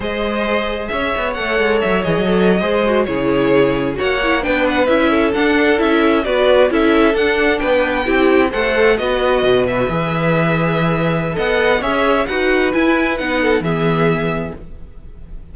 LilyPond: <<
  \new Staff \with { instrumentName = "violin" } { \time 4/4 \tempo 4 = 132 dis''2 e''4 fis''4 | e''8 dis''2~ dis''16 cis''4~ cis''16~ | cis''8. fis''4 g''8 fis''8 e''4 fis''16~ | fis''8. e''4 d''4 e''4 fis''16~ |
fis''8. g''2 fis''4 dis''16~ | dis''4~ dis''16 e''2~ e''8.~ | e''4 fis''4 e''4 fis''4 | gis''4 fis''4 e''2 | }
  \new Staff \with { instrumentName = "violin" } { \time 4/4 c''2 cis''2~ | cis''4.~ cis''16 c''4 gis'4~ gis'16~ | gis'8. cis''4 b'4. a'8.~ | a'4.~ a'16 b'4 a'4~ a'16~ |
a'8. b'4 g'4 c''4 b'16~ | b'1~ | b'4 dis''4 cis''4 b'4~ | b'4. a'8 gis'2 | }
  \new Staff \with { instrumentName = "viola" } { \time 4/4 gis'2. a'4~ | a'8 gis'8 a'8. gis'8 fis'8 e'4~ e'16~ | e'8. fis'8 e'8 d'4 e'4 d'16~ | d'8. e'4 fis'4 e'4 d'16~ |
d'4.~ d'16 e'4 a'4 fis'16~ | fis'4.~ fis'16 gis'2~ gis'16~ | gis'4 a'4 gis'4 fis'4 | e'4 dis'4 b2 | }
  \new Staff \with { instrumentName = "cello" } { \time 4/4 gis2 cis'8 b8 a8 gis8 | fis8 e16 fis4 gis4 cis4~ cis16~ | cis8. ais4 b4 cis'4 d'16~ | d'8. cis'4 b4 cis'4 d'16~ |
d'8. b4 c'4 a4 b16~ | b8. b,4 e2~ e16~ | e4 b4 cis'4 dis'4 | e'4 b4 e2 | }
>>